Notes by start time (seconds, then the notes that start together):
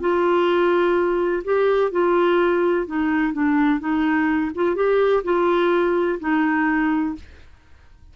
0.00 F4
1.44 G4
1.91 F4
2.87 D#4
3.33 D4
3.80 D#4
4.55 F4
4.75 G4
5.24 F4
6.20 D#4